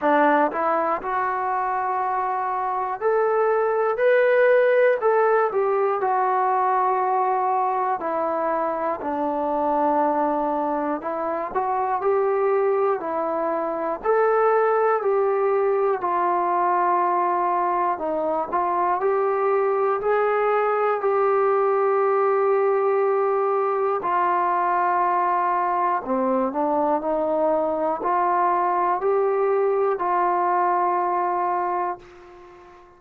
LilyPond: \new Staff \with { instrumentName = "trombone" } { \time 4/4 \tempo 4 = 60 d'8 e'8 fis'2 a'4 | b'4 a'8 g'8 fis'2 | e'4 d'2 e'8 fis'8 | g'4 e'4 a'4 g'4 |
f'2 dis'8 f'8 g'4 | gis'4 g'2. | f'2 c'8 d'8 dis'4 | f'4 g'4 f'2 | }